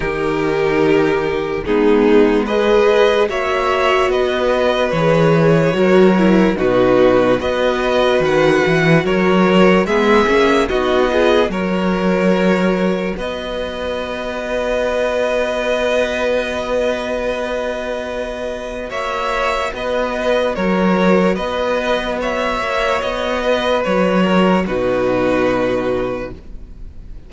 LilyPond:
<<
  \new Staff \with { instrumentName = "violin" } { \time 4/4 \tempo 4 = 73 ais'2 gis'4 dis''4 | e''4 dis''4 cis''2 | b'4 dis''4 fis''4 cis''4 | e''4 dis''4 cis''2 |
dis''1~ | dis''2. e''4 | dis''4 cis''4 dis''4 e''4 | dis''4 cis''4 b'2 | }
  \new Staff \with { instrumentName = "violin" } { \time 4/4 g'2 dis'4 b'4 | cis''4 b'2 ais'4 | fis'4 b'2 ais'4 | gis'4 fis'8 gis'8 ais'2 |
b'1~ | b'2. cis''4 | b'4 ais'4 b'4 cis''4~ | cis''8 b'4 ais'8 fis'2 | }
  \new Staff \with { instrumentName = "viola" } { \time 4/4 dis'2 b4 gis'4 | fis'2 gis'4 fis'8 e'8 | dis'4 fis'2. | b8 cis'8 dis'8 f'8 fis'2~ |
fis'1~ | fis'1~ | fis'1~ | fis'2 dis'2 | }
  \new Staff \with { instrumentName = "cello" } { \time 4/4 dis2 gis2 | ais4 b4 e4 fis4 | b,4 b4 dis8 e8 fis4 | gis8 ais8 b4 fis2 |
b1~ | b2. ais4 | b4 fis4 b4. ais8 | b4 fis4 b,2 | }
>>